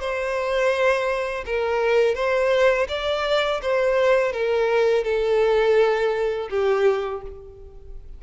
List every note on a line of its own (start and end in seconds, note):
0.00 1.45 C5
1.46 2.15 A#4
2.15 2.88 C5
2.88 3.61 D5
3.62 4.33 C5
4.33 5.04 A#4
5.04 6.49 A4
6.50 7.22 G4